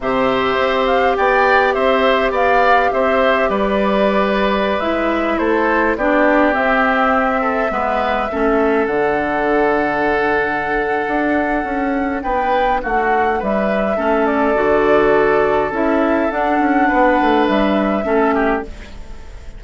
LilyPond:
<<
  \new Staff \with { instrumentName = "flute" } { \time 4/4 \tempo 4 = 103 e''4. f''8 g''4 e''4 | f''4 e''4 d''2~ | d''16 e''4 c''4 d''4 e''8.~ | e''2.~ e''16 fis''8.~ |
fis''1~ | fis''4 g''4 fis''4 e''4~ | e''8 d''2~ d''8 e''4 | fis''2 e''2 | }
  \new Staff \with { instrumentName = "oboe" } { \time 4/4 c''2 d''4 c''4 | d''4 c''4 b'2~ | b'4~ b'16 a'4 g'4.~ g'16~ | g'8. a'8 b'4 a'4.~ a'16~ |
a'1~ | a'4 b'4 fis'4 b'4 | a'1~ | a'4 b'2 a'8 g'8 | }
  \new Staff \with { instrumentName = "clarinet" } { \time 4/4 g'1~ | g'1~ | g'16 e'2 d'4 c'8.~ | c'4~ c'16 b4 cis'4 d'8.~ |
d'1~ | d'1 | cis'4 fis'2 e'4 | d'2. cis'4 | }
  \new Staff \with { instrumentName = "bassoon" } { \time 4/4 c4 c'4 b4 c'4 | b4 c'4 g2~ | g16 gis4 a4 b4 c'8.~ | c'4~ c'16 gis4 a4 d8.~ |
d2. d'4 | cis'4 b4 a4 g4 | a4 d2 cis'4 | d'8 cis'8 b8 a8 g4 a4 | }
>>